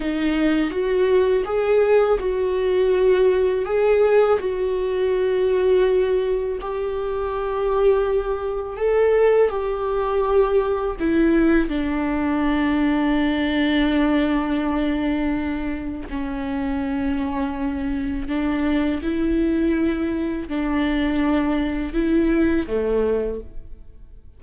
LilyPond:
\new Staff \with { instrumentName = "viola" } { \time 4/4 \tempo 4 = 82 dis'4 fis'4 gis'4 fis'4~ | fis'4 gis'4 fis'2~ | fis'4 g'2. | a'4 g'2 e'4 |
d'1~ | d'2 cis'2~ | cis'4 d'4 e'2 | d'2 e'4 a4 | }